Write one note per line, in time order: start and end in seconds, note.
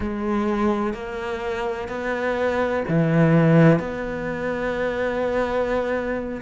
0.00 0.93 G#3
0.93 1.88 A#3
1.88 2.83 B3
2.88 3.79 E3
3.79 6.41 B3